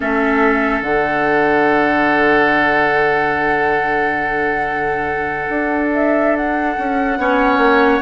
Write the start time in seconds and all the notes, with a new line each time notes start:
0.00 A3 C#4 A4 E5
0.81 D3 D4 F#5
5.49 D4
5.94 E5
6.36 F#5
6.77 C#4
7.17 B3 C#4 C#5
7.57 A#3